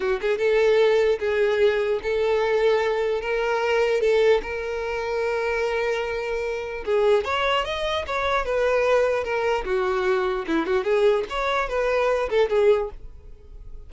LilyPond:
\new Staff \with { instrumentName = "violin" } { \time 4/4 \tempo 4 = 149 fis'8 gis'8 a'2 gis'4~ | gis'4 a'2. | ais'2 a'4 ais'4~ | ais'1~ |
ais'4 gis'4 cis''4 dis''4 | cis''4 b'2 ais'4 | fis'2 e'8 fis'8 gis'4 | cis''4 b'4. a'8 gis'4 | }